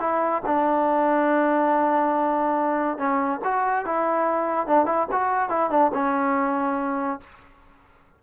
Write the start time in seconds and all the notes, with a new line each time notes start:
0.00 E4
0.46 D4
2.98 C#4
3.44 F#4
3.85 E4
4.67 D4
4.86 E4
5.12 F#4
5.49 E4
5.70 D4
5.93 C#4